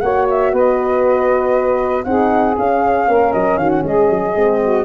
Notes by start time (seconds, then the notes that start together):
0.00 A#3 F#4 C#5 F#5
0.30 E5
0.52 B3 B4 D#5
2.03 C4 D#4 G#4 F#5
2.58 C#4 F5
3.08 A#3 A#4
3.32 F#3 D#5
3.57 D#3 F#4 F5
3.69 F#5
3.83 G#3 G#4 D#5
4.09 F#3
4.34 G#3 C4
4.61 F#4